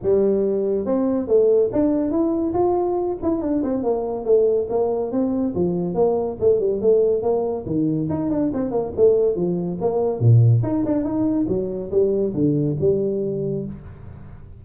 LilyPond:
\new Staff \with { instrumentName = "tuba" } { \time 4/4 \tempo 4 = 141 g2 c'4 a4 | d'4 e'4 f'4. e'8 | d'8 c'8 ais4 a4 ais4 | c'4 f4 ais4 a8 g8 |
a4 ais4 dis4 dis'8 d'8 | c'8 ais8 a4 f4 ais4 | ais,4 dis'8 d'8 dis'4 fis4 | g4 d4 g2 | }